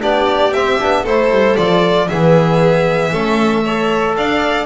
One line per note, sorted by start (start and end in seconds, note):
0.00 0.51 B3
0.00 0.52 D4
0.00 1.03 G4
0.00 0.53 D5
0.51 0.77 C4
0.51 0.79 C4
0.51 1.05 E5
0.79 1.06 B3
0.79 1.05 D4
1.03 1.30 A3
1.03 1.58 E4
1.03 2.06 A4
1.03 1.56 C5
1.30 1.56 G3
1.56 2.09 F3
1.56 2.09 F4
1.56 2.07 D5
2.07 3.12 E3
2.07 3.12 B3
2.07 3.11 G#4
2.07 4.14 E5
3.11 4.16 A3
3.11 3.64 C#4
3.11 3.63 A4
3.64 4.66 A4
3.64 4.16 C#5
4.16 4.66 D4
4.16 4.66 D5
4.16 4.66 F5